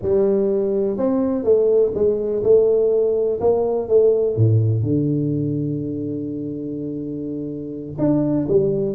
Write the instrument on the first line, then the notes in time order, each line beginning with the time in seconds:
tuba
0.02 G3
0.97 C4
1.44 A3
1.94 G#3
2.43 A3
3.40 A#3
3.88 A3
4.36 A2
4.82 D3
7.98 D4
8.48 G3